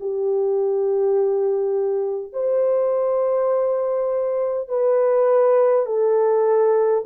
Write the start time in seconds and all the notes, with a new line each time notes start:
0.00 G4
2.33 C5
4.68 B4
5.86 A4